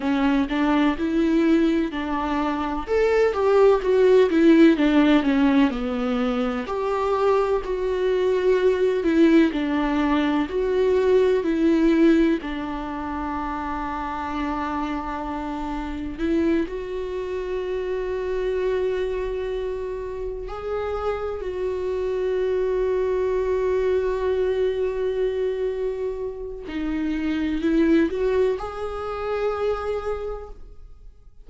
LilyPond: \new Staff \with { instrumentName = "viola" } { \time 4/4 \tempo 4 = 63 cis'8 d'8 e'4 d'4 a'8 g'8 | fis'8 e'8 d'8 cis'8 b4 g'4 | fis'4. e'8 d'4 fis'4 | e'4 d'2.~ |
d'4 e'8 fis'2~ fis'8~ | fis'4. gis'4 fis'4.~ | fis'1 | dis'4 e'8 fis'8 gis'2 | }